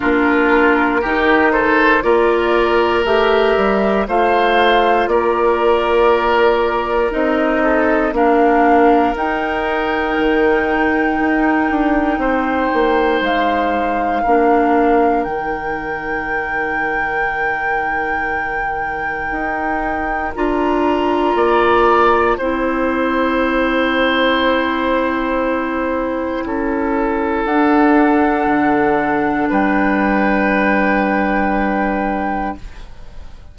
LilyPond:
<<
  \new Staff \with { instrumentName = "flute" } { \time 4/4 \tempo 4 = 59 ais'4. c''8 d''4 e''4 | f''4 d''2 dis''4 | f''4 g''2.~ | g''4 f''2 g''4~ |
g''1 | ais''2 g''2~ | g''2. fis''4~ | fis''4 g''2. | }
  \new Staff \with { instrumentName = "oboe" } { \time 4/4 f'4 g'8 a'8 ais'2 | c''4 ais'2~ ais'8 a'8 | ais'1 | c''2 ais'2~ |
ais'1~ | ais'4 d''4 c''2~ | c''2 a'2~ | a'4 b'2. | }
  \new Staff \with { instrumentName = "clarinet" } { \time 4/4 d'4 dis'4 f'4 g'4 | f'2. dis'4 | d'4 dis'2.~ | dis'2 d'4 dis'4~ |
dis'1 | f'2 e'2~ | e'2. d'4~ | d'1 | }
  \new Staff \with { instrumentName = "bassoon" } { \time 4/4 ais4 dis4 ais4 a8 g8 | a4 ais2 c'4 | ais4 dis'4 dis4 dis'8 d'8 | c'8 ais8 gis4 ais4 dis4~ |
dis2. dis'4 | d'4 ais4 c'2~ | c'2 cis'4 d'4 | d4 g2. | }
>>